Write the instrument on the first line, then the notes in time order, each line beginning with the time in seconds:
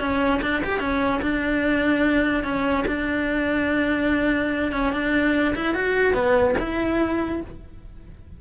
cello
0.00 C#4
0.42 D4
0.64 G4
0.80 C#4
1.22 D4
2.44 C#4
2.88 D4
4.72 C#4
4.93 D4
5.56 E4
5.75 F#4
6.14 B3
6.59 E4